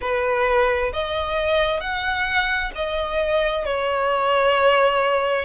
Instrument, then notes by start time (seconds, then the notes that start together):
violin
0.01 B4
0.92 D#5
1.80 F#5
2.75 D#5
3.65 C#5